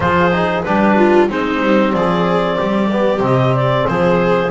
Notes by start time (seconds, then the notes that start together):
0.00 F3 F4 G#4 C5
0.32 D#4
0.63 G3 D4 G4 B4
0.97 F4
1.29 G#3 C4 D#4 C5
1.62 G3
1.93 F3 G#4 D5
2.55 G3 G4
2.91 B3
3.18 C3 C4 D#5
3.55 D5
3.87 F3 G#4 C5